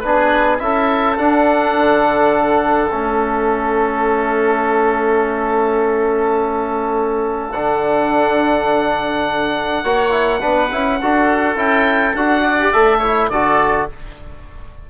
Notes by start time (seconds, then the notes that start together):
0.00 B3 D4 G#4 B4
0.59 C#4 E4 A4 E5
1.17 D4 F#5
1.77 D3
2.91 A3 C#4 E5
7.52 D3 D4 F#5
9.83 A#3 F#4 C#5
10.11 E4
10.41 B3 D4 B4
10.72 C#4 E4
11.01 D4 F#4 A4
11.56 C#4 E4 G5
12.15 D4 F#4 F#5
12.43 D5
12.60 G4
12.73 A3 A4 E5
12.98 E4 C#5
13.30 D3 F#4 A4 D5